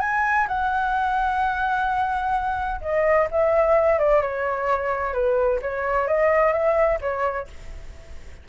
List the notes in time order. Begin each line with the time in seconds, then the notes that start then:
0.00 G#5
0.48 F#5
2.81 D#5
3.31 E5
3.99 D5
4.21 C#5
5.13 B4
5.62 C#5
6.07 D#5
6.52 E5
7.01 C#5